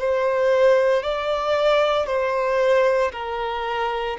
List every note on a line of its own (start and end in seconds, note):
0.00 1.03 C5
1.03 2.07 D5
2.07 3.12 C5
3.12 4.18 A#4